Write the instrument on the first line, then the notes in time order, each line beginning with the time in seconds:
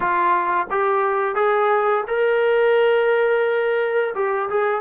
trombone
0.00 F4
0.70 G4
1.34 G#4
2.07 A#4
4.14 G4
4.49 G#4